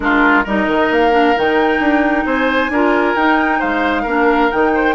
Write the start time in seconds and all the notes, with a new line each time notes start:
0.00 G#3 D4 F4 A#4
0.44 G3 D#4 A#4 D#5
0.67 D#3
0.90 A#3 F5
1.11 D4
1.36 D#3 D#4 G5
1.79 D4
2.25 C4 C5 G#5
2.69 D4 F4 A#4
3.15 D#4 G5
3.59 G#3 C5 F5
4.02 A#3 D4 A#4
4.50 D#3 D#4 G5
4.74 C5